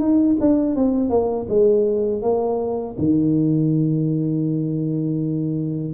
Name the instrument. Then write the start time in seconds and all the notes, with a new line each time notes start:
tuba
0.00 D#4
0.41 D4
0.76 C4
1.10 A#3
1.49 G#3
2.23 A#3
2.99 D#3